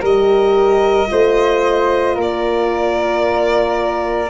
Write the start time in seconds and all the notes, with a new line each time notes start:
0.00 G3 G4 A#4 D#5
1.07 A3 F4 C5
2.15 A#3 A#4
2.22 D5